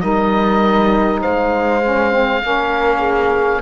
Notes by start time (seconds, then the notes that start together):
0.00 G3 D#4 A#4 D#5
1.21 G#3 C5 F5
1.83 C#4
2.10 C4
2.42 A#3 C#4 A#4
2.98 G#4